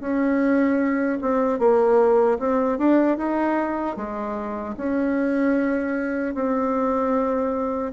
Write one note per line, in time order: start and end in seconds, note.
0.00 1.18 C#4
1.21 1.59 C4
1.59 2.38 A#3
2.39 2.78 C4
2.78 3.18 D4
3.18 3.97 D#4
3.97 4.75 G#3
4.77 6.34 C#4
6.34 7.92 C4